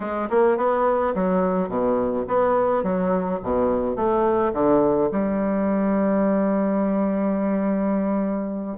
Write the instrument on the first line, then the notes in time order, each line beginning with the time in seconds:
bassoon
0.00 G#3
0.30 A#3
0.57 B3
1.14 F#3
1.68 B2
2.27 B3
2.83 F#3
3.42 B2
3.95 A3
4.53 D3
5.11 G3